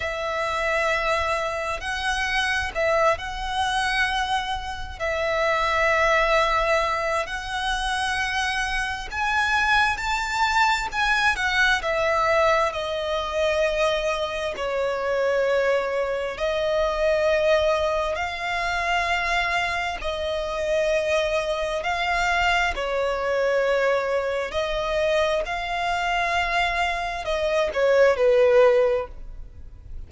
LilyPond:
\new Staff \with { instrumentName = "violin" } { \time 4/4 \tempo 4 = 66 e''2 fis''4 e''8 fis''8~ | fis''4. e''2~ e''8 | fis''2 gis''4 a''4 | gis''8 fis''8 e''4 dis''2 |
cis''2 dis''2 | f''2 dis''2 | f''4 cis''2 dis''4 | f''2 dis''8 cis''8 b'4 | }